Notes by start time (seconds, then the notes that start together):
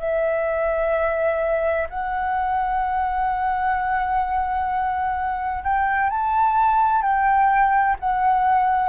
0.00 E5
1.90 F#5
5.64 G5
6.10 A5
7.02 G5
8.00 F#5